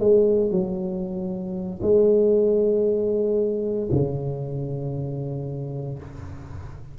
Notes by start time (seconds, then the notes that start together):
0.00 G#3
0.51 F#3
1.82 G#3
3.92 C#3